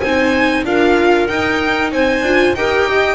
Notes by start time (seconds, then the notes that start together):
0.00 C4 D#4 C5 G#5
0.64 D4 F4 A#4 F5
1.27 D#4 G5
1.92 C4 C5 G#5
2.22 D4 F4
2.54 D#4 G4 A#4 G5
2.88 D#5